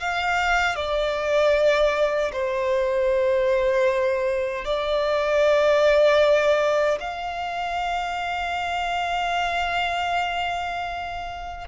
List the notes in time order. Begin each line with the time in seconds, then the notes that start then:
0.00 F5
0.75 D5
2.32 C5
4.65 D5
7.00 F5